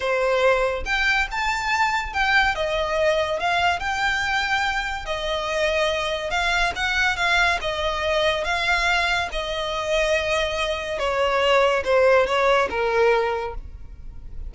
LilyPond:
\new Staff \with { instrumentName = "violin" } { \time 4/4 \tempo 4 = 142 c''2 g''4 a''4~ | a''4 g''4 dis''2 | f''4 g''2. | dis''2. f''4 |
fis''4 f''4 dis''2 | f''2 dis''2~ | dis''2 cis''2 | c''4 cis''4 ais'2 | }